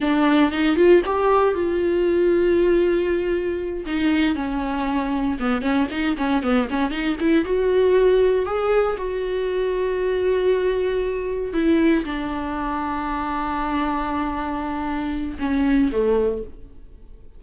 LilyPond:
\new Staff \with { instrumentName = "viola" } { \time 4/4 \tempo 4 = 117 d'4 dis'8 f'8 g'4 f'4~ | f'2.~ f'8 dis'8~ | dis'8 cis'2 b8 cis'8 dis'8 | cis'8 b8 cis'8 dis'8 e'8 fis'4.~ |
fis'8 gis'4 fis'2~ fis'8~ | fis'2~ fis'8 e'4 d'8~ | d'1~ | d'2 cis'4 a4 | }